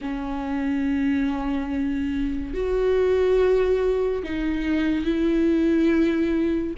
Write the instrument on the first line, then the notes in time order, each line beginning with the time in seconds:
viola
0.01 C#4
2.54 F#4
4.23 D#4
5.05 E4